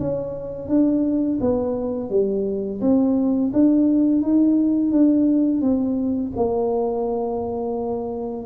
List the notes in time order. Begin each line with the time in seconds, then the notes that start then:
0.00 C#4
0.68 D4
1.41 B3
2.10 G3
2.81 C4
3.53 D4
4.22 D#4
4.92 D4
5.61 C4
6.37 A#3